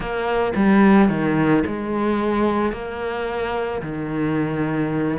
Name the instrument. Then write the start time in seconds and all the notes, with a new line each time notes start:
cello
0.00 A#3
0.55 G3
1.09 D#3
1.66 G#3
2.72 A#3
3.82 D#3